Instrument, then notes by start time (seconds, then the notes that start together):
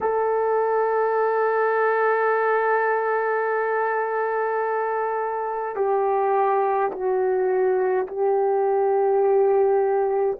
horn
0.00 A4
5.75 G4
6.91 F#4
8.07 G4